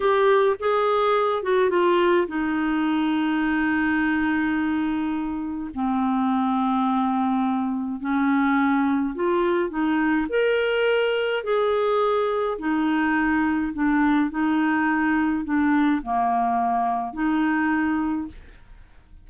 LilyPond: \new Staff \with { instrumentName = "clarinet" } { \time 4/4 \tempo 4 = 105 g'4 gis'4. fis'8 f'4 | dis'1~ | dis'2 c'2~ | c'2 cis'2 |
f'4 dis'4 ais'2 | gis'2 dis'2 | d'4 dis'2 d'4 | ais2 dis'2 | }